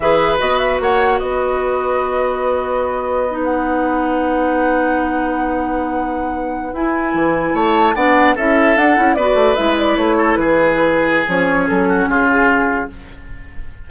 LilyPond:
<<
  \new Staff \with { instrumentName = "flute" } { \time 4/4 \tempo 4 = 149 e''4 dis''8 e''8 fis''4 dis''4~ | dis''1~ | dis''8 fis''2.~ fis''8~ | fis''1~ |
fis''8. gis''2 a''4 fis''16~ | fis''8. e''4 fis''4 d''4 e''16~ | e''16 d''8 cis''4 b'2~ b'16 | cis''4 a'4 gis'2 | }
  \new Staff \with { instrumentName = "oboe" } { \time 4/4 b'2 cis''4 b'4~ | b'1~ | b'1~ | b'1~ |
b'2~ b'8. cis''4 d''16~ | d''8. a'2 b'4~ b'16~ | b'4~ b'16 a'8 gis'2~ gis'16~ | gis'4. fis'8 f'2 | }
  \new Staff \with { instrumentName = "clarinet" } { \time 4/4 gis'4 fis'2.~ | fis'1~ | fis'16 dis'2.~ dis'8.~ | dis'1~ |
dis'8. e'2. d'16~ | d'8. e'4 d'8 e'8 fis'4 e'16~ | e'1 | cis'1 | }
  \new Staff \with { instrumentName = "bassoon" } { \time 4/4 e4 b4 ais4 b4~ | b1~ | b1~ | b1~ |
b8. e'4 e4 a4 b16~ | b8. cis'4 d'8 cis'8 b8 a8 gis16~ | gis8. a4 e2~ e16 | f4 fis4 cis2 | }
>>